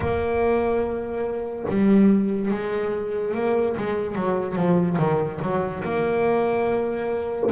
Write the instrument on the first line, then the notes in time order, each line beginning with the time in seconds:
double bass
0.00 A#3
1.69 G3
2.50 G#3
3.34 A#3
3.77 G#3
4.15 F#3
4.55 F3
4.98 D#3
5.42 F#3
5.83 A#3